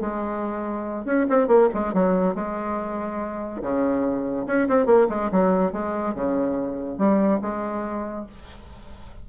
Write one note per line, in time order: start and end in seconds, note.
0.00 1.05 G#3
1.05 1.26 C#4
1.29 1.47 C4
1.47 1.68 A#3
1.74 1.93 G#3
1.93 2.35 F#3
2.35 3.61 G#3
3.62 4.46 C#3
4.47 4.68 C#4
4.68 4.86 C4
4.86 5.07 A#3
5.09 5.30 G#3
5.31 5.72 F#3
5.72 6.14 G#3
6.14 6.98 C#3
6.98 7.40 G3
7.41 8.26 G#3